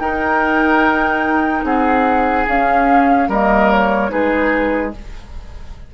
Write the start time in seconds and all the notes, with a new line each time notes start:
0.00 D#4 A#4 G5
1.64 C4 G#4 F#5
2.48 C#4 F5
3.29 G3 A#3 A#4 D#5
3.72 C#5
4.09 G#3 D#4 G#4 B4